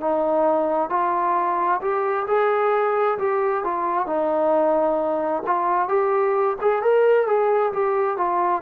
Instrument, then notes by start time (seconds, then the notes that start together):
trombone
0.00 D#4
0.89 F4
1.81 G4
2.27 G#4
3.18 G4
3.64 F4
4.06 D#4
5.46 F4
5.88 G4
6.61 G#4
6.82 A#4
7.26 G#4
7.73 G4
8.17 F4